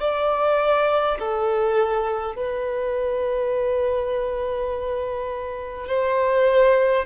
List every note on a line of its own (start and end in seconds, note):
0.00 1.18 D5
1.19 2.35 A4
2.35 5.88 B4
5.88 7.05 C5